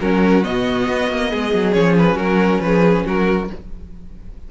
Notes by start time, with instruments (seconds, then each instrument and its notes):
0.00 cello F#3, viola C#4, violin F#4 A#4
0.43 cello B2, viola B3, violin D#5
0.88 cello B3
1.10 cello A#3
1.29 cello G#3, violin G#4
1.53 cello F#3
1.72 cello F3, viola C#4, violin C#5
1.98 violin B4
2.14 cello F#3, violin F#4 A#4
2.60 cello F3, violin G#4 B4
3.05 cello F#3, violin F#4 A#4